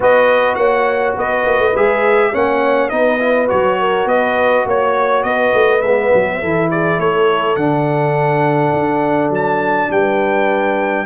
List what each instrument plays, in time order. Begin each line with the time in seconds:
0.00 tuba B3, trombone F#4, horn B4, trumpet D#5
0.55 tuba A#3, horn C#5, trumpet F#5
1.16 tuba B3, horn B4, trumpet D#5
1.45 tuba A#3
1.58 tuba A3
1.74 tuba G#3, trombone G#4, trumpet E5
2.32 tuba A#3, trombone C#4, horn C#5, trumpet F#5
2.89 tuba B3, trombone D#4, horn B4, trumpet D#5
3.19 trombone E4
3.47 tuba F#3, trombone F#4, trumpet C#5
3.79 horn A#4
4.05 tuba B3, horn B4, trumpet D#5
4.65 tuba A#3, horn C#5, trumpet C#5
5.23 tuba B3, horn B4, trumpet D#5
5.53 tuba A3
5.81 tuba G#3, trombone B3, trumpet E5
6.13 tuba F#3
6.40 tuba E3, trombone E4, horn A4
6.70 horn G#4, trumpet D5
6.98 tuba A3, horn A4, trumpet C#5
7.55 tuba D3, trombone D4, trumpet F#5
8.73 tuba D4
9.29 tuba F#3, trumpet A5
9.90 tuba G3, horn B4, trumpet G5